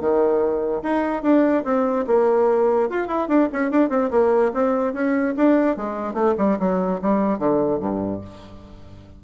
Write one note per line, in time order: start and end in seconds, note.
0.00 0.82 D#3
0.82 1.23 D#4
1.23 1.64 D4
1.64 2.05 C4
2.07 2.89 A#3
2.89 3.07 F4
3.07 3.28 E4
3.28 3.49 D4
3.52 3.71 C#4
3.71 3.89 D4
3.89 4.10 C4
4.10 4.51 A#3
4.54 4.93 C4
4.93 5.34 C#4
5.36 5.76 D4
5.76 6.14 G#3
6.14 6.34 A3
6.37 6.58 G3
6.59 7.00 F#3
7.01 7.38 G3
7.38 7.80 D3
7.80 8.21 G2